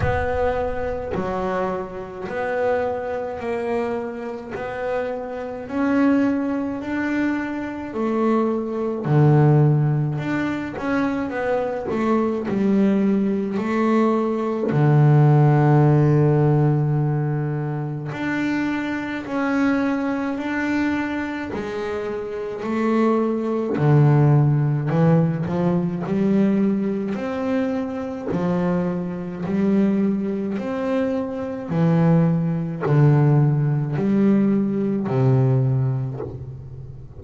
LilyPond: \new Staff \with { instrumentName = "double bass" } { \time 4/4 \tempo 4 = 53 b4 fis4 b4 ais4 | b4 cis'4 d'4 a4 | d4 d'8 cis'8 b8 a8 g4 | a4 d2. |
d'4 cis'4 d'4 gis4 | a4 d4 e8 f8 g4 | c'4 f4 g4 c'4 | e4 d4 g4 c4 | }